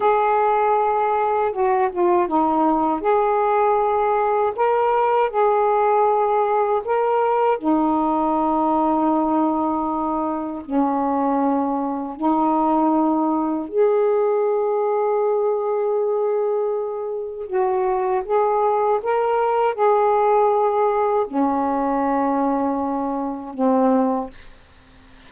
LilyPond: \new Staff \with { instrumentName = "saxophone" } { \time 4/4 \tempo 4 = 79 gis'2 fis'8 f'8 dis'4 | gis'2 ais'4 gis'4~ | gis'4 ais'4 dis'2~ | dis'2 cis'2 |
dis'2 gis'2~ | gis'2. fis'4 | gis'4 ais'4 gis'2 | cis'2. c'4 | }